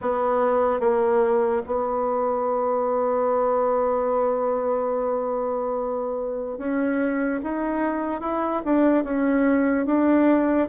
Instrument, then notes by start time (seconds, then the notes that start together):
bassoon
0.01 B3
0.80 A#3
1.66 B3
6.58 C#4
7.43 D#4
8.20 E4
8.65 D4
9.03 C#4
9.86 D4